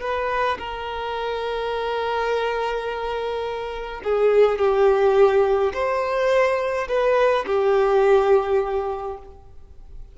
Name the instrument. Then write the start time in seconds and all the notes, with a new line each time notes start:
violin
0.00 B4
0.58 A#4
4.03 G#4
4.58 G4
5.73 C5
6.88 B4
7.46 G4